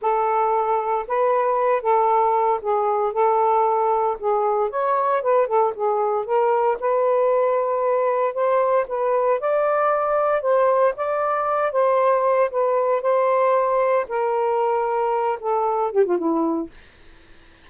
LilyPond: \new Staff \with { instrumentName = "saxophone" } { \time 4/4 \tempo 4 = 115 a'2 b'4. a'8~ | a'4 gis'4 a'2 | gis'4 cis''4 b'8 a'8 gis'4 | ais'4 b'2. |
c''4 b'4 d''2 | c''4 d''4. c''4. | b'4 c''2 ais'4~ | ais'4. a'4 g'16 f'16 e'4 | }